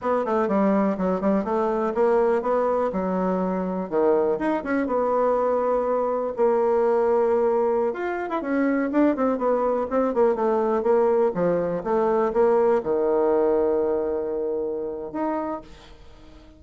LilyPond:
\new Staff \with { instrumentName = "bassoon" } { \time 4/4 \tempo 4 = 123 b8 a8 g4 fis8 g8 a4 | ais4 b4 fis2 | dis4 dis'8 cis'8 b2~ | b4 ais2.~ |
ais16 f'8. e'16 cis'4 d'8 c'8 b8.~ | b16 c'8 ais8 a4 ais4 f8.~ | f16 a4 ais4 dis4.~ dis16~ | dis2. dis'4 | }